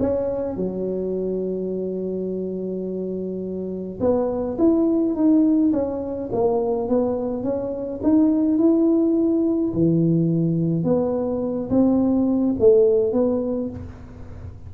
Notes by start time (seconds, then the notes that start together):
0.00 C#4
0.56 F#3
4.01 B3
4.59 E4
5.15 D#4
5.73 C#4
6.32 A#3
6.89 B3
7.44 C#4
8.03 D#4
8.58 E4
9.74 E3
10.84 B3
11.70 C4
12.60 A3
13.13 B3